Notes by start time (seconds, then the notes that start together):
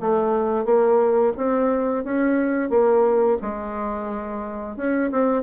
0.00 A3
0.65 A#3
1.37 C4
2.04 C#4
2.70 A#3
3.42 G#3
4.76 C#4
5.11 C4